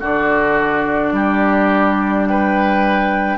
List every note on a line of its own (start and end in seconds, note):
0.00 1.12 D3
0.00 3.38 D4
0.00 1.13 F#4
0.00 2.27 D5
1.12 3.38 G3
1.12 2.29 G4
2.27 3.38 B4
2.27 3.38 G5